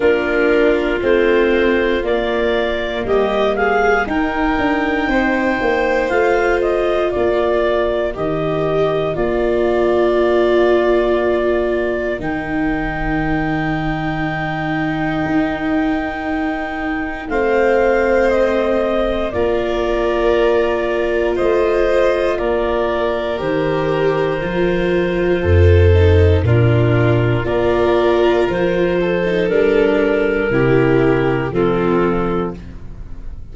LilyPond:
<<
  \new Staff \with { instrumentName = "clarinet" } { \time 4/4 \tempo 4 = 59 ais'4 c''4 d''4 dis''8 f''8 | g''2 f''8 dis''8 d''4 | dis''4 d''2. | g''1~ |
g''4 f''4 dis''4 d''4~ | d''4 dis''4 d''4 c''4~ | c''2 ais'4 d''4 | c''4 ais'2 a'4 | }
  \new Staff \with { instrumentName = "violin" } { \time 4/4 f'2. g'8 gis'8 | ais'4 c''2 ais'4~ | ais'1~ | ais'1~ |
ais'4 c''2 ais'4~ | ais'4 c''4 ais'2~ | ais'4 a'4 f'4 ais'4~ | ais'8 a'4. g'4 f'4 | }
  \new Staff \with { instrumentName = "viola" } { \time 4/4 d'4 c'4 ais2 | dis'2 f'2 | g'4 f'2. | dis'1~ |
dis'4 c'2 f'4~ | f'2. g'4 | f'4. dis'8 d'4 f'4~ | f'8. dis'16 d'4 e'4 c'4 | }
  \new Staff \with { instrumentName = "tuba" } { \time 4/4 ais4 a4 ais4 g4 | dis'8 d'8 c'8 ais8 a4 ais4 | dis4 ais2. | dis2. dis'4~ |
dis'4 a2 ais4~ | ais4 a4 ais4 dis4 | f4 f,4 ais,4 ais4 | f4 g4 c4 f4 | }
>>